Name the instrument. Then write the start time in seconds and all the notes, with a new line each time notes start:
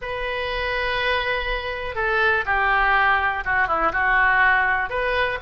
oboe
0.01 B4
1.95 A4
2.45 G4
3.44 F#4
3.67 E4
3.92 F#4
4.89 B4